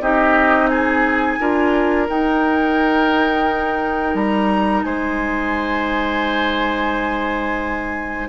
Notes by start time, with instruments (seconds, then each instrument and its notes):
0.00 bassoon C4, clarinet D#4, oboe G4, flute D#5
0.68 oboe G#4, flute G#5
1.40 bassoon D4, clarinet F4, oboe A#4
2.08 clarinet D#4, bassoon D#4, flute G5
4.14 bassoon G3, flute A#5
4.83 bassoon G#3, oboe C5, flute G#5